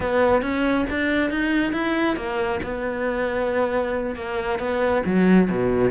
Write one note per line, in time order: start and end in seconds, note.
0.00 0.41 B3
0.41 0.85 C#4
0.90 1.30 D4
1.30 1.72 D#4
1.72 2.16 E4
2.16 2.60 A#3
2.62 4.15 B3
4.15 4.59 A#3
4.59 5.02 B3
5.05 5.49 F#3
5.50 5.91 B2